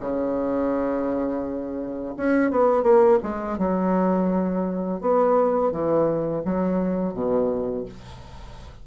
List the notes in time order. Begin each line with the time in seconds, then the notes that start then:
0.00 C#3
2.17 C#4
2.51 B3
2.83 A#3
3.23 G#3
3.58 F#3
5.01 B3
5.71 E3
6.45 F#3
7.14 B2